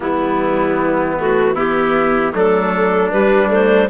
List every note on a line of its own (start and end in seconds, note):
0.00 2.33 E3
0.00 1.18 G3
0.00 1.55 B3
0.00 1.17 E4
1.18 1.55 A3
1.18 1.56 F#4
1.55 2.33 B3
1.55 2.32 E4
1.55 2.34 G4
2.33 3.11 F#3
2.33 3.11 A3
2.33 3.89 D4
2.33 3.10 A4
3.10 3.89 G3
3.10 3.48 G3
3.10 3.49 B4
3.48 3.87 A3
3.48 3.89 C5